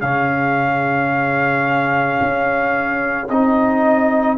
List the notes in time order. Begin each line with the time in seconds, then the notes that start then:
0.00 C#3 C#4 G#4 F5
2.21 C#4
3.29 C4 D#4 D#5